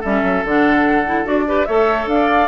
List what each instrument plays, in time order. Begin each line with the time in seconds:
0.00 bassoon G3, clarinet C#4, oboe A4, flute E5
0.23 bassoon F#3
0.44 bassoon D3, clarinet D4, flute F#5
1.05 clarinet E4
1.24 bassoon D4, clarinet F#4, flute D5
1.47 clarinet G4, oboe B4
1.65 bassoon A3, clarinet A4, oboe C#5, flute E5
2.06 bassoon D4, flute F5
2.14 oboe D5